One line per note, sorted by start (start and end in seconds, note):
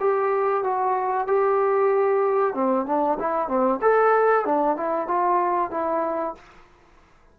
0.00 0.64 G4
0.64 1.27 F#4
1.28 2.54 G4
2.54 2.86 C4
2.86 3.18 D4
3.20 3.48 E4
3.48 3.80 C4
3.82 4.45 A4
4.45 4.77 D4
4.77 5.08 E4
5.08 5.71 F4
5.71 6.35 E4